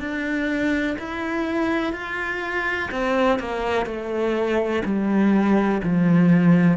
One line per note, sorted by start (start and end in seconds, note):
0.00 0.97 D4
0.99 1.93 E4
1.93 2.90 F4
2.92 3.40 C4
3.40 3.86 A#3
3.86 4.83 A3
4.85 5.82 G3
5.83 6.77 F3